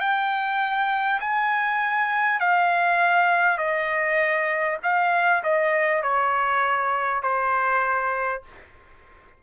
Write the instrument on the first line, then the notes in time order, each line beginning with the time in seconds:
trumpet
0.00 G5
1.21 G#5
2.40 F5
3.58 D#5
4.83 F5
5.44 D#5
6.03 C#5
7.23 C5